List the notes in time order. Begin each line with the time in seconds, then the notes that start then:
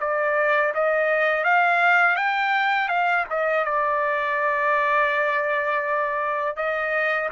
0.00 D5
0.75 D#5
1.44 F5
2.16 G5
2.88 F5
3.30 D#5
3.65 D5
6.56 D#5